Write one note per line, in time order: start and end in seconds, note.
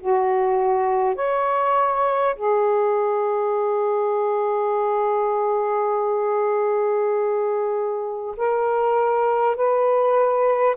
0.00 1.16 F#4
1.16 2.36 C#5
2.36 8.36 G#4
8.37 9.57 A#4
9.57 10.77 B4